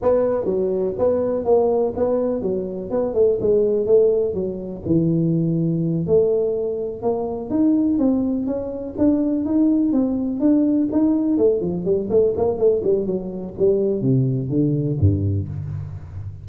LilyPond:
\new Staff \with { instrumentName = "tuba" } { \time 4/4 \tempo 4 = 124 b4 fis4 b4 ais4 | b4 fis4 b8 a8 gis4 | a4 fis4 e2~ | e8 a2 ais4 dis'8~ |
dis'8 c'4 cis'4 d'4 dis'8~ | dis'8 c'4 d'4 dis'4 a8 | f8 g8 a8 ais8 a8 g8 fis4 | g4 c4 d4 g,4 | }